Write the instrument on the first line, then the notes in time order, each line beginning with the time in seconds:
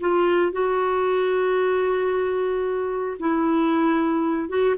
clarinet
0.00 F4
0.52 F#4
3.19 E4
4.49 F#4